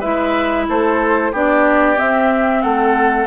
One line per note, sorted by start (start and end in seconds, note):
0.00 0.68 G#3
0.00 1.33 E4
0.00 0.65 B4
0.00 0.66 E5
0.68 1.32 A3
0.68 1.32 A4
0.68 1.35 C5
1.32 1.98 B3
1.32 1.96 D4
1.32 2.62 G4
1.32 1.99 D5
1.96 3.27 C4
1.96 2.64 C4
1.96 2.62 E5
2.62 3.27 A3
2.62 3.27 A4
2.62 3.27 F#5